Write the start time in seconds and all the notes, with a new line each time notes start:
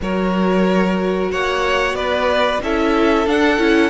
0.01 F#3 F#4 A#4 C#5
1.31 A#3 C#5 F#5
1.93 B3 B4 D5
2.62 C#4 E4 A4 E5
3.26 D4 F#5
3.58 C#4 E4